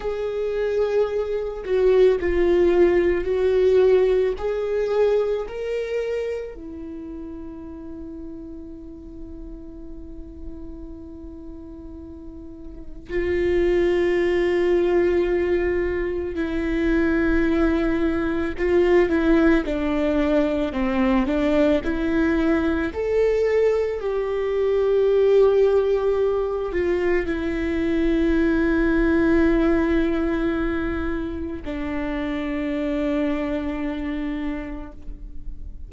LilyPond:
\new Staff \with { instrumentName = "viola" } { \time 4/4 \tempo 4 = 55 gis'4. fis'8 f'4 fis'4 | gis'4 ais'4 e'2~ | e'1 | f'2. e'4~ |
e'4 f'8 e'8 d'4 c'8 d'8 | e'4 a'4 g'2~ | g'8 f'8 e'2.~ | e'4 d'2. | }